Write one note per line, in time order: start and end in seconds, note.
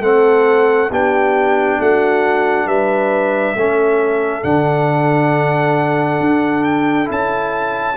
0.00 0.88 A3
0.00 0.90 C4
0.00 0.90 A4
0.00 0.91 F#5
0.90 1.78 B3
0.90 3.57 D4
0.90 1.78 G4
0.90 1.81 G5
1.79 2.66 A3
1.79 2.67 F#4
1.79 2.67 F#5
2.66 3.54 G3
2.66 3.55 B4
2.66 4.44 E5
3.55 4.44 A3
3.55 4.43 C#4
3.55 7.97 A4
4.43 6.20 D3
4.43 7.05 D4
4.43 6.64 F#5
6.20 7.08 D4
6.64 7.08 G5
7.05 7.97 C#4
7.05 7.94 E4
7.12 7.97 A5